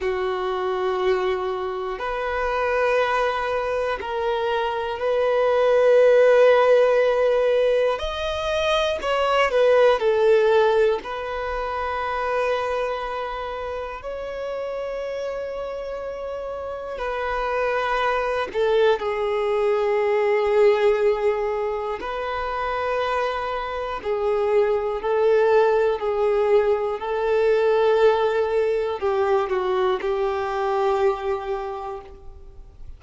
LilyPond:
\new Staff \with { instrumentName = "violin" } { \time 4/4 \tempo 4 = 60 fis'2 b'2 | ais'4 b'2. | dis''4 cis''8 b'8 a'4 b'4~ | b'2 cis''2~ |
cis''4 b'4. a'8 gis'4~ | gis'2 b'2 | gis'4 a'4 gis'4 a'4~ | a'4 g'8 fis'8 g'2 | }